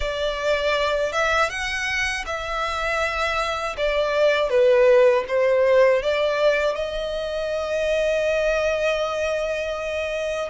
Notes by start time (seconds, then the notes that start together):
0.00 D5
1.12 E5
1.49 F#5
2.25 E5
3.77 D5
4.49 B4
5.28 C5
6.02 D5
6.75 D#5